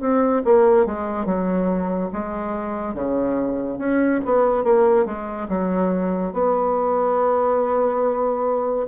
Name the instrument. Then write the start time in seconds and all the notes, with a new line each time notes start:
bassoon
0.00 C4
0.44 A#3
0.86 G#3
1.25 F#3
2.12 G#3
2.94 C#3
3.78 C#4
4.25 B3
4.64 A#3
5.05 G#3
5.49 F#3
6.33 B3